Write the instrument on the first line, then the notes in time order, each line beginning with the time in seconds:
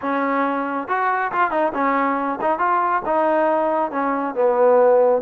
trombone
0.01 C#4
0.88 F#4
1.31 F4
1.50 D#4
1.74 C#4
2.41 D#4
2.58 F4
3.05 D#4
3.91 C#4
4.35 B3